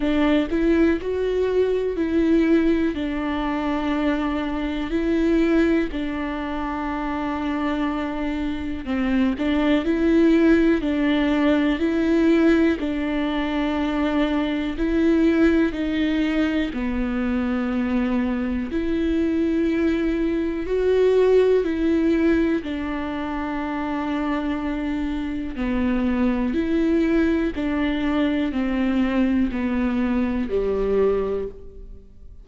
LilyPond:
\new Staff \with { instrumentName = "viola" } { \time 4/4 \tempo 4 = 61 d'8 e'8 fis'4 e'4 d'4~ | d'4 e'4 d'2~ | d'4 c'8 d'8 e'4 d'4 | e'4 d'2 e'4 |
dis'4 b2 e'4~ | e'4 fis'4 e'4 d'4~ | d'2 b4 e'4 | d'4 c'4 b4 g4 | }